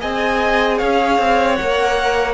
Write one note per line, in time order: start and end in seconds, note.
0.00 0.82 C4
0.00 1.58 G#4
0.00 0.78 D#5
0.00 0.79 G#5
0.78 1.19 C#4
0.78 2.35 C#5
0.78 1.56 F5
1.19 1.58 C4
1.56 2.35 A#4
1.56 2.35 F#5
1.62 2.35 A#3